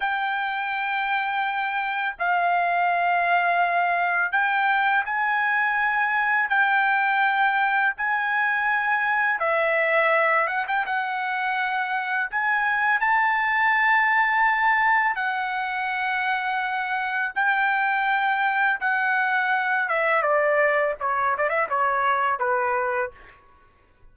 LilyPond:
\new Staff \with { instrumentName = "trumpet" } { \time 4/4 \tempo 4 = 83 g''2. f''4~ | f''2 g''4 gis''4~ | gis''4 g''2 gis''4~ | gis''4 e''4. fis''16 g''16 fis''4~ |
fis''4 gis''4 a''2~ | a''4 fis''2. | g''2 fis''4. e''8 | d''4 cis''8 d''16 e''16 cis''4 b'4 | }